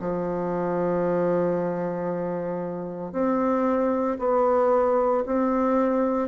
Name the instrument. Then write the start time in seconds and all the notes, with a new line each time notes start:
bassoon
0.00 F3
3.12 C4
4.19 B3
5.26 C4